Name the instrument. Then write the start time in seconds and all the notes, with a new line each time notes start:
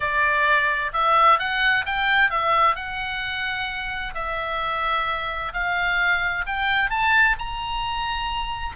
oboe
0.00 D5
0.93 E5
1.39 F#5
1.85 G5
2.30 E5
2.75 F#5
4.14 E5
5.53 F5
6.46 G5
6.90 A5
7.38 A#5